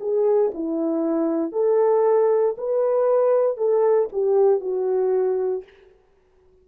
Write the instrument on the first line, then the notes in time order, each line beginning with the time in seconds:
horn
0.00 G#4
0.54 E4
1.52 A4
2.58 B4
3.57 A4
4.12 G4
4.60 F#4